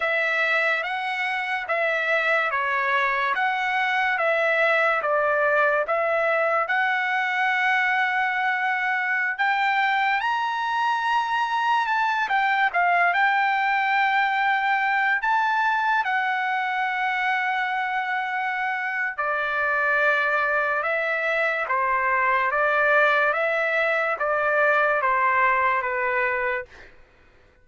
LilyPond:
\new Staff \with { instrumentName = "trumpet" } { \time 4/4 \tempo 4 = 72 e''4 fis''4 e''4 cis''4 | fis''4 e''4 d''4 e''4 | fis''2.~ fis''16 g''8.~ | g''16 ais''2 a''8 g''8 f''8 g''16~ |
g''2~ g''16 a''4 fis''8.~ | fis''2. d''4~ | d''4 e''4 c''4 d''4 | e''4 d''4 c''4 b'4 | }